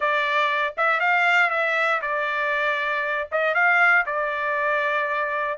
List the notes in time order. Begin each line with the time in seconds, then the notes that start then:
0.00 D5
0.77 E5
1.00 F5
1.50 E5
2.01 D5
3.31 D#5
3.54 F5
4.06 D5